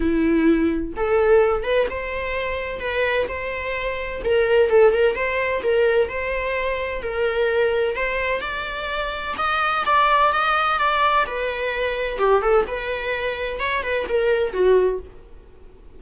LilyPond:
\new Staff \with { instrumentName = "viola" } { \time 4/4 \tempo 4 = 128 e'2 a'4. b'8 | c''2 b'4 c''4~ | c''4 ais'4 a'8 ais'8 c''4 | ais'4 c''2 ais'4~ |
ais'4 c''4 d''2 | dis''4 d''4 dis''4 d''4 | b'2 g'8 a'8 b'4~ | b'4 cis''8 b'8 ais'4 fis'4 | }